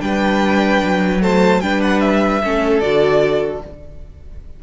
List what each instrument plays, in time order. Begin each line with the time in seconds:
0.00 cello G3, viola D4, violin B4 G5
0.82 cello F#3
1.21 viola A3, violin C5 A5
1.60 cello G3, viola D4, violin B4 G5
1.81 violin F#5
2.00 violin E5
2.43 cello A3, viola C#4, violin A4
2.80 cello D3, viola F#4, violin D5